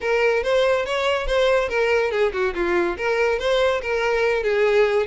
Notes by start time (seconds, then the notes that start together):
0.00 A#4
0.43 C5
0.85 C#5
1.27 C5
1.69 A#4
2.11 G#4
2.33 F#4
2.54 F4
2.97 A#4
3.38 C5
3.81 A#4
4.43 G#4